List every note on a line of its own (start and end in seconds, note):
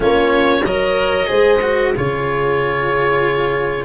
0.00 0.62 A#3
0.00 0.61 C#4
0.00 0.62 F4
0.00 0.64 C#5
0.62 1.26 F#3
0.62 1.26 A#4
0.62 1.27 C#5
0.62 1.93 D#5
1.26 1.95 G#3
1.26 1.59 G#4
1.26 1.92 C5
1.61 1.94 F#4
1.96 3.84 C#3
1.96 3.84 F4
1.96 3.84 G#4
1.96 3.84 C#5